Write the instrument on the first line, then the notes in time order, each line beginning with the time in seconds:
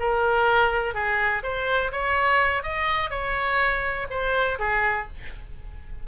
oboe
0.00 A#4
0.95 G#4
1.43 C5
1.92 C#5
2.63 D#5
3.11 C#5
4.11 C5
4.59 G#4